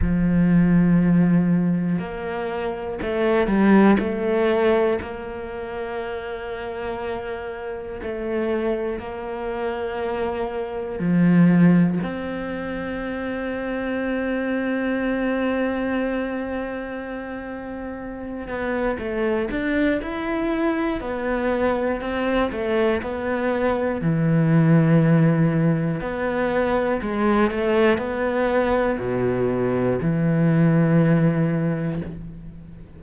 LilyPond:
\new Staff \with { instrumentName = "cello" } { \time 4/4 \tempo 4 = 60 f2 ais4 a8 g8 | a4 ais2. | a4 ais2 f4 | c'1~ |
c'2~ c'8 b8 a8 d'8 | e'4 b4 c'8 a8 b4 | e2 b4 gis8 a8 | b4 b,4 e2 | }